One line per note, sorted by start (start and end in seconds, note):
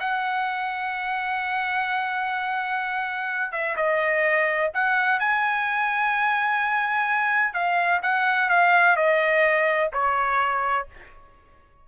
0.00 3.52 F#5
3.52 3.75 E5
3.76 4.71 D#5
4.74 5.19 F#5
5.19 7.53 G#5
7.53 8.01 F5
8.02 8.49 F#5
8.49 8.96 F5
8.96 9.91 D#5
9.92 10.87 C#5